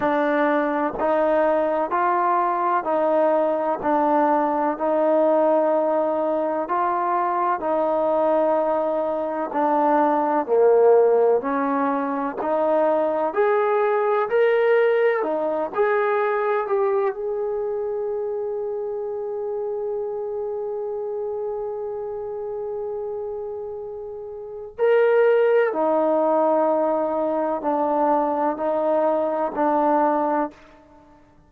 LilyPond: \new Staff \with { instrumentName = "trombone" } { \time 4/4 \tempo 4 = 63 d'4 dis'4 f'4 dis'4 | d'4 dis'2 f'4 | dis'2 d'4 ais4 | cis'4 dis'4 gis'4 ais'4 |
dis'8 gis'4 g'8 gis'2~ | gis'1~ | gis'2 ais'4 dis'4~ | dis'4 d'4 dis'4 d'4 | }